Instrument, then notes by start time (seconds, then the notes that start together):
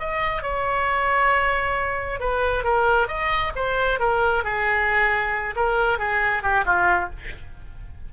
oboe
0.00 D#5
0.43 C#5
2.20 B4
2.64 A#4
3.08 D#5
3.56 C5
4.00 A#4
4.44 G#4
5.56 A#4
5.99 G#4
6.43 G4
6.66 F4